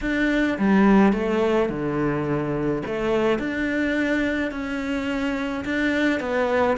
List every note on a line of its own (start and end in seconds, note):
0.01 0.57 D4
0.58 1.12 G3
1.12 1.69 A3
1.69 2.82 D3
2.86 3.38 A3
3.38 4.51 D4
4.51 5.64 C#4
5.64 6.20 D4
6.20 6.76 B3